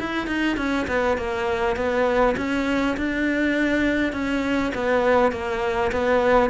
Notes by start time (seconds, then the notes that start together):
0.00 E4
0.28 D#4
0.58 C#4
0.88 B3
1.17 A#3
1.76 B3
2.37 C#4
2.97 D4
4.13 C#4
4.75 B3
5.32 A#3
5.92 B3